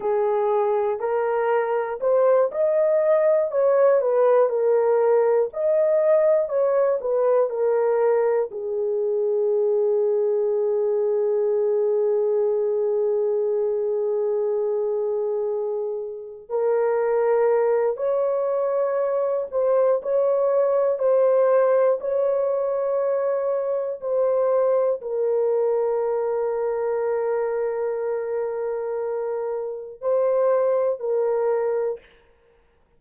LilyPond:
\new Staff \with { instrumentName = "horn" } { \time 4/4 \tempo 4 = 60 gis'4 ais'4 c''8 dis''4 cis''8 | b'8 ais'4 dis''4 cis''8 b'8 ais'8~ | ais'8 gis'2.~ gis'8~ | gis'1~ |
gis'8 ais'4. cis''4. c''8 | cis''4 c''4 cis''2 | c''4 ais'2.~ | ais'2 c''4 ais'4 | }